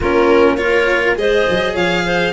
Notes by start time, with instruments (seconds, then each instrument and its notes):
0.00 tuba A#3, cello C#4, clarinet F4, violin A#4
0.56 cello F4, clarinet A#4, violin C#5
1.15 tuba G#3, cello G#4, clarinet C5, violin D#5
1.49 tuba F#3
1.74 tuba F3, clarinet C#5, violin F5
2.05 clarinet C5